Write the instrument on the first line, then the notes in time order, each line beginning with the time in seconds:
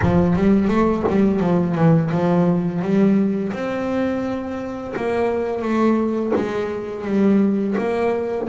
double bass
0.02 F3
0.36 G3
0.67 A3
1.08 G3
1.39 F3
1.75 E3
2.11 F3
2.81 G3
3.53 C4
4.96 A#3
5.61 A3
6.35 G#3
7.05 G3
7.77 A#3